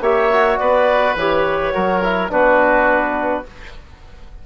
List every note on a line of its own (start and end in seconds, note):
0.00 0.57 A#3
0.00 0.31 G4
0.00 0.59 C#5
0.00 0.57 E5
0.32 1.17 F#4
0.57 1.15 B3
0.57 1.73 B4
0.57 1.14 D5
1.15 1.72 E3
1.15 1.73 G4
1.15 2.31 C#5
1.73 2.31 F#3
1.73 2.02 F#4
1.73 2.31 A#4
2.03 2.29 E4
2.29 3.45 B3
2.29 3.44 D4
2.29 3.46 F#4
2.29 3.45 B4